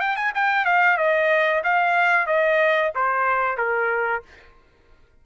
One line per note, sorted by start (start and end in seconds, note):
0.00 0.16 G5
0.16 0.32 G#5
0.34 0.65 G5
0.65 0.97 F5
0.97 1.62 D#5
1.63 2.26 F5
2.26 2.92 D#5
2.95 3.57 C5
3.57 4.22 A#4